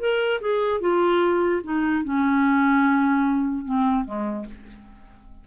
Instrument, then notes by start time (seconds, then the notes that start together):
clarinet
0.00 A#4
0.41 G#4
0.81 F4
1.64 D#4
2.04 C#4
3.65 C4
4.05 G#3